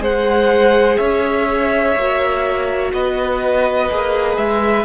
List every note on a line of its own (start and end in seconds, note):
0.00 0.97 G#3
0.00 1.94 G#4
0.00 0.99 C5
0.00 0.97 F#5
0.97 1.96 C#4
0.97 2.92 C#5
0.97 2.91 E5
1.96 2.93 A#3
1.96 3.90 F#4
2.93 3.90 B3
2.93 4.85 B4
2.93 4.37 D#5
3.90 4.37 A#3
3.90 4.85 G#4
4.37 4.85 G#3
4.37 4.85 E5